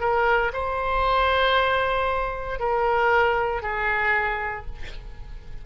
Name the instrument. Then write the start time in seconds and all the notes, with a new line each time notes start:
oboe
0.00 A#4
0.53 C5
2.59 A#4
3.62 G#4